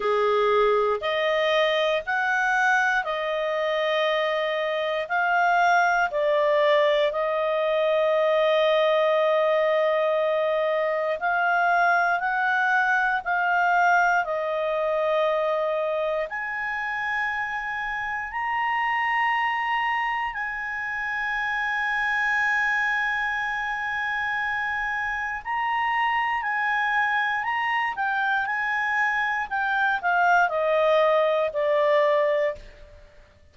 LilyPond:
\new Staff \with { instrumentName = "clarinet" } { \time 4/4 \tempo 4 = 59 gis'4 dis''4 fis''4 dis''4~ | dis''4 f''4 d''4 dis''4~ | dis''2. f''4 | fis''4 f''4 dis''2 |
gis''2 ais''2 | gis''1~ | gis''4 ais''4 gis''4 ais''8 g''8 | gis''4 g''8 f''8 dis''4 d''4 | }